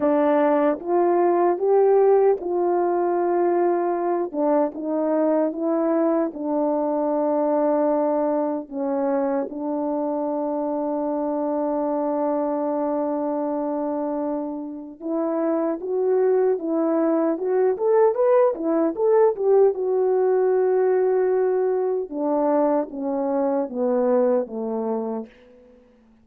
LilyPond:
\new Staff \with { instrumentName = "horn" } { \time 4/4 \tempo 4 = 76 d'4 f'4 g'4 f'4~ | f'4. d'8 dis'4 e'4 | d'2. cis'4 | d'1~ |
d'2. e'4 | fis'4 e'4 fis'8 a'8 b'8 e'8 | a'8 g'8 fis'2. | d'4 cis'4 b4 a4 | }